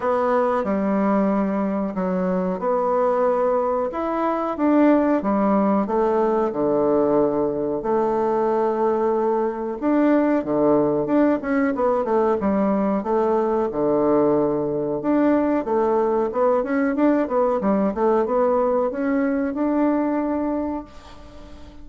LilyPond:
\new Staff \with { instrumentName = "bassoon" } { \time 4/4 \tempo 4 = 92 b4 g2 fis4 | b2 e'4 d'4 | g4 a4 d2 | a2. d'4 |
d4 d'8 cis'8 b8 a8 g4 | a4 d2 d'4 | a4 b8 cis'8 d'8 b8 g8 a8 | b4 cis'4 d'2 | }